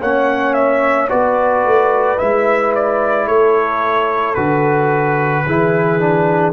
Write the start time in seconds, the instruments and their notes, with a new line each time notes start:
0.00 tuba A#3, trombone C#4, horn C#5, trumpet F#5
0.53 trumpet E5
1.09 tuba B3, trombone F#4, horn B4, trumpet D5
1.64 tuba A3
2.18 tuba G#3, trombone E4, trumpet E5
2.75 trumpet D5
3.26 tuba A3, horn A4, trumpet C#5
4.34 tuba D3, trombone F#4, trumpet B4
5.45 tuba E3, trombone E4, horn G#4
5.99 trombone D4